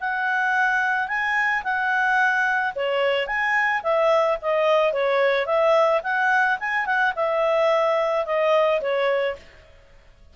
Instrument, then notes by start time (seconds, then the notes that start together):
clarinet
0.00 F#5
1.08 G#5
1.63 F#5
2.75 C#5
3.27 G#5
3.83 E5
4.42 D#5
4.93 C#5
5.46 E5
6.03 F#5
6.60 G#5
6.86 F#5
7.15 E5
8.26 D#5
8.81 C#5